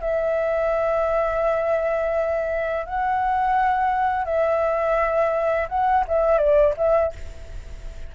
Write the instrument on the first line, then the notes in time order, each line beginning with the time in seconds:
flute
0.00 E5
2.86 F#5
4.25 E5
5.69 F#5
6.07 E5
6.38 D5
6.77 E5